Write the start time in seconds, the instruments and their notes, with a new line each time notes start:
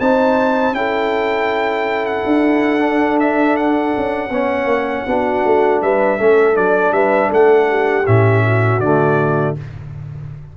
0.00 tuba C4, trombone D#4, horn C5, trumpet A5
0.72 tuba C#4, trombone E4, horn A4, trumpet G5
2.06 trumpet F#5
2.26 tuba D4
2.80 trombone D4
3.20 trumpet E5
3.56 trumpet F#5
3.97 tuba C#4
4.30 tuba B3, trombone C#4, horn C#5
4.65 tuba A#3
5.07 tuba B3, trombone D4, horn F#4
5.45 tuba A3
5.82 tuba G3, horn B4, trumpet E5
6.18 tuba A3, trombone C#4, horn A4
6.54 tuba F#3, trombone D4, trumpet D5
6.92 tuba G3, horn B4, trumpet E5
7.30 tuba A3, horn A4, trumpet F#5
7.70 horn G4
8.06 tuba A2, trombone C#4, trumpet E5
8.45 horn F#4
8.80 tuba D3, trombone A3, trumpet D5